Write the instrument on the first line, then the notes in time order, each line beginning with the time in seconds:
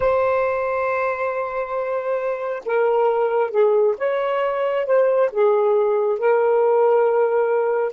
saxophone
0.00 C5
2.65 A#4
3.51 G#4
3.97 C#5
4.86 C5
5.31 G#4
6.18 A#4